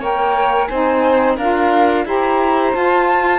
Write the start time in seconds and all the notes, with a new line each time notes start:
0.00 A#3 A#4 C#5 G5
0.65 C4 D#4 C5 G#5
1.37 D4 F4 A#4 F5
2.05 E4 G4 C5 A#5
2.73 F4 A5